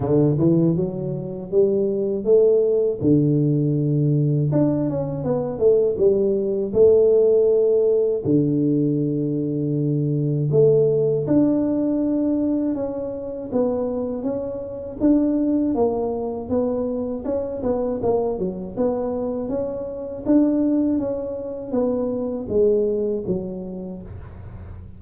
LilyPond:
\new Staff \with { instrumentName = "tuba" } { \time 4/4 \tempo 4 = 80 d8 e8 fis4 g4 a4 | d2 d'8 cis'8 b8 a8 | g4 a2 d4~ | d2 a4 d'4~ |
d'4 cis'4 b4 cis'4 | d'4 ais4 b4 cis'8 b8 | ais8 fis8 b4 cis'4 d'4 | cis'4 b4 gis4 fis4 | }